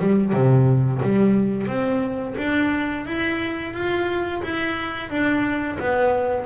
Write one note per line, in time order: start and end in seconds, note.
0.00 0.33 G3
0.33 1.02 C3
1.03 1.67 G3
1.67 2.36 C4
2.38 3.07 D4
3.07 3.74 E4
3.74 4.42 F4
4.43 5.10 E4
5.10 5.79 D4
5.80 6.46 B3